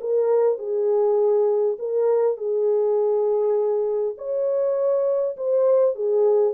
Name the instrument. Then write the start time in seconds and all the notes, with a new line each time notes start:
horn
0.00 A#4
0.58 G#4
1.78 A#4
2.37 G#4
4.17 C#5
5.37 C5
5.95 G#4